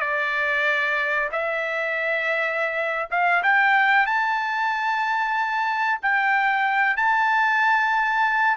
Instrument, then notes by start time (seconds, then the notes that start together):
trumpet
0.00 D5
1.32 E5
3.10 F5
3.43 G5
4.06 A5
6.02 G5
6.96 A5